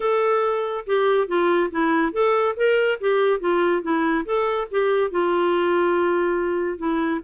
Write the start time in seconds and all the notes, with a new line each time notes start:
0.00 A4
0.86 G4
1.27 F4
1.70 E4
2.12 A4
2.56 A#4
3.00 G4
3.40 F4
3.82 E4
4.25 A4
4.71 G4
5.10 F4
6.78 E4